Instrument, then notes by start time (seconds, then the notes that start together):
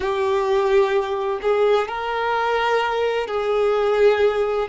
violin
0.00 G4
1.41 G#4
1.87 A#4
3.27 G#4